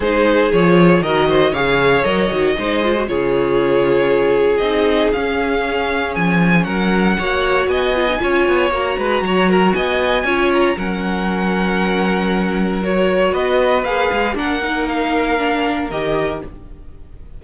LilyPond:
<<
  \new Staff \with { instrumentName = "violin" } { \time 4/4 \tempo 4 = 117 c''4 cis''4 dis''4 f''4 | dis''2 cis''2~ | cis''4 dis''4 f''2 | gis''4 fis''2 gis''4~ |
gis''4 ais''2 gis''4~ | gis''8 ais''8 fis''2.~ | fis''4 cis''4 dis''4 f''4 | fis''4 f''2 dis''4 | }
  \new Staff \with { instrumentName = "violin" } { \time 4/4 gis'2 ais'8 c''8 cis''4~ | cis''4 c''4 gis'2~ | gis'1~ | gis'4 ais'4 cis''4 dis''4 |
cis''4. b'8 cis''8 ais'8 dis''4 | cis''4 ais'2.~ | ais'2 b'2 | ais'1 | }
  \new Staff \with { instrumentName = "viola" } { \time 4/4 dis'4 f'4 fis'4 gis'4 | ais'8 fis'8 dis'8 f'16 fis'16 f'2~ | f'4 dis'4 cis'2~ | cis'2 fis'4. f'16 dis'16 |
f'4 fis'2. | f'4 cis'2.~ | cis'4 fis'2 gis'4 | d'8 dis'4. d'4 g'4 | }
  \new Staff \with { instrumentName = "cello" } { \time 4/4 gis4 f4 dis4 cis4 | fis8 dis8 gis4 cis2~ | cis4 c'4 cis'2 | f4 fis4 ais4 b4 |
cis'8 b8 ais8 gis8 fis4 b4 | cis'4 fis2.~ | fis2 b4 ais8 gis8 | ais2. dis4 | }
>>